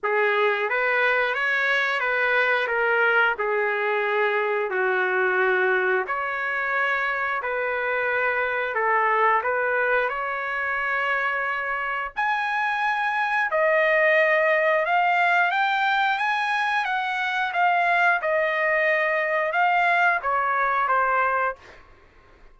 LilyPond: \new Staff \with { instrumentName = "trumpet" } { \time 4/4 \tempo 4 = 89 gis'4 b'4 cis''4 b'4 | ais'4 gis'2 fis'4~ | fis'4 cis''2 b'4~ | b'4 a'4 b'4 cis''4~ |
cis''2 gis''2 | dis''2 f''4 g''4 | gis''4 fis''4 f''4 dis''4~ | dis''4 f''4 cis''4 c''4 | }